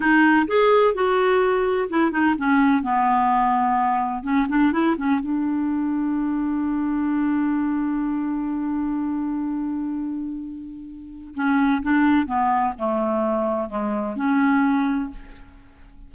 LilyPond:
\new Staff \with { instrumentName = "clarinet" } { \time 4/4 \tempo 4 = 127 dis'4 gis'4 fis'2 | e'8 dis'8 cis'4 b2~ | b4 cis'8 d'8 e'8 cis'8 d'4~ | d'1~ |
d'1~ | d'1 | cis'4 d'4 b4 a4~ | a4 gis4 cis'2 | }